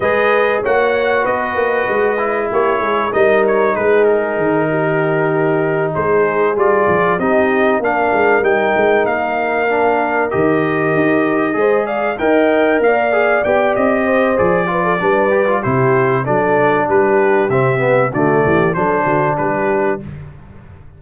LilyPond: <<
  \new Staff \with { instrumentName = "trumpet" } { \time 4/4 \tempo 4 = 96 dis''4 fis''4 dis''2 | cis''4 dis''8 cis''8 b'8 ais'4.~ | ais'4. c''4 d''4 dis''8~ | dis''8 f''4 g''4 f''4.~ |
f''8 dis''2~ dis''8 f''8 g''8~ | g''8 f''4 g''8 dis''4 d''4~ | d''4 c''4 d''4 b'4 | e''4 d''4 c''4 b'4 | }
  \new Staff \with { instrumentName = "horn" } { \time 4/4 b'4 cis''4 b'2 | g'8 gis'8 ais'4 gis'4. g'8~ | g'4. gis'2 g'8~ | g'8 ais'2.~ ais'8~ |
ais'2~ ais'8 c''8 d''8 dis''8~ | dis''8 d''2 c''4 b'16 a'16 | b'4 g'4 a'4 g'4~ | g'4 fis'8 g'8 a'8 fis'8 g'4 | }
  \new Staff \with { instrumentName = "trombone" } { \time 4/4 gis'4 fis'2~ fis'8 e'8~ | e'4 dis'2.~ | dis'2~ dis'8 f'4 dis'8~ | dis'8 d'4 dis'2 d'8~ |
d'8 g'2 gis'4 ais'8~ | ais'4 gis'8 g'4. gis'8 f'8 | d'8 g'16 f'16 e'4 d'2 | c'8 b8 a4 d'2 | }
  \new Staff \with { instrumentName = "tuba" } { \time 4/4 gis4 ais4 b8 ais8 gis4 | ais8 gis8 g4 gis4 dis4~ | dis4. gis4 g8 f8 c'8~ | c'8 ais8 gis8 g8 gis8 ais4.~ |
ais8 dis4 dis'4 gis4 dis'8~ | dis'8 ais4 b8 c'4 f4 | g4 c4 fis4 g4 | c4 d8 e8 fis8 d8 g4 | }
>>